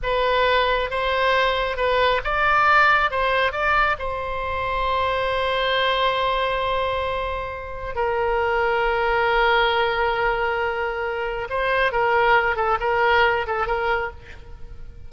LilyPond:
\new Staff \with { instrumentName = "oboe" } { \time 4/4 \tempo 4 = 136 b'2 c''2 | b'4 d''2 c''4 | d''4 c''2.~ | c''1~ |
c''2 ais'2~ | ais'1~ | ais'2 c''4 ais'4~ | ais'8 a'8 ais'4. a'8 ais'4 | }